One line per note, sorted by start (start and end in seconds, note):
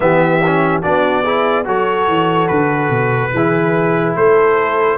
0.00 0.84 E3
0.00 0.40 B3
0.00 0.82 G4
0.00 0.81 E5
0.46 0.82 C#4
0.82 1.66 B3
0.82 1.24 D4
0.82 1.23 F#4
0.82 1.65 D5
1.23 1.65 E4
1.23 1.64 G#4
1.65 2.07 F#3
1.65 3.31 F#4
1.65 3.33 A4
1.65 2.47 C#5
2.07 2.49 E3
2.47 2.89 D3
2.47 4.14 B4
2.89 3.31 B2
3.33 4.15 E3
3.33 4.97 E4
3.33 4.16 G#4
4.15 4.97 A3
4.15 4.97 A4
4.15 4.97 C5